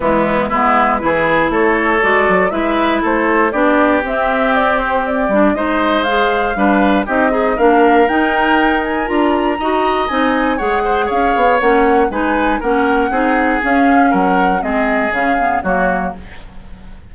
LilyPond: <<
  \new Staff \with { instrumentName = "flute" } { \time 4/4 \tempo 4 = 119 e'4 b'2 cis''4 | d''4 e''4 c''4 d''4 | e''4 d''8 c''8 d''4 dis''4 | f''2 dis''4 f''4 |
g''4. gis''8 ais''2 | gis''4 fis''4 f''4 fis''4 | gis''4 fis''2 f''4 | fis''4 dis''4 f''4 cis''4 | }
  \new Staff \with { instrumentName = "oboe" } { \time 4/4 b4 e'4 gis'4 a'4~ | a'4 b'4 a'4 g'4~ | g'2. c''4~ | c''4 b'4 g'8 dis'8 ais'4~ |
ais'2. dis''4~ | dis''4 cis''8 c''8 cis''2 | b'4 ais'4 gis'2 | ais'4 gis'2 fis'4 | }
  \new Staff \with { instrumentName = "clarinet" } { \time 4/4 gis4 b4 e'2 | fis'4 e'2 d'4 | c'2~ c'8 d'8 dis'4 | gis'4 d'4 dis'8 gis'8 d'4 |
dis'2 f'4 fis'4 | dis'4 gis'2 cis'4 | dis'4 cis'4 dis'4 cis'4~ | cis'4 c'4 cis'8 b8 ais4 | }
  \new Staff \with { instrumentName = "bassoon" } { \time 4/4 e4 gis4 e4 a4 | gis8 fis8 gis4 a4 b4 | c'2~ c'8 g8 gis4~ | gis4 g4 c'4 ais4 |
dis'2 d'4 dis'4 | c'4 gis4 cis'8 b8 ais4 | gis4 ais4 c'4 cis'4 | fis4 gis4 cis4 fis4 | }
>>